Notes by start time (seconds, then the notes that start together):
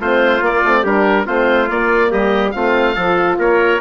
0.00 A3 C4 F4 C5
0.41 A#3 D5
0.64 A3 C4
0.82 G3 D4 G4 A#4
1.26 A3 C4 F4 C5
1.68 A#3 D5
2.11 G3 G4 D#5
2.51 A3 C4 F4 F5
2.95 F3 F4 A4
3.38 A#3 A#4 C#5